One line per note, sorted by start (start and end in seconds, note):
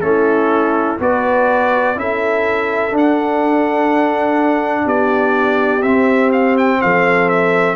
0.00 0.97 A3
0.00 0.98 C#4
0.00 1.00 E4
0.00 0.97 A4
0.99 1.95 B3
0.99 1.95 F#4
0.99 1.97 B4
0.99 1.98 D5
1.95 2.92 C#4
1.95 2.91 E4
1.95 4.84 A4
1.95 2.95 E5
2.91 5.81 D4
2.91 4.85 D4
2.97 4.87 F#5
4.84 5.82 B3
4.84 6.77 G4
4.84 5.82 D5
5.82 6.79 C4
5.82 7.75 C4
5.82 6.30 E5
6.32 6.56 F5
6.57 6.81 G5
6.81 7.75 F3
6.81 7.75 A4
6.81 7.29 F5
7.29 7.75 E5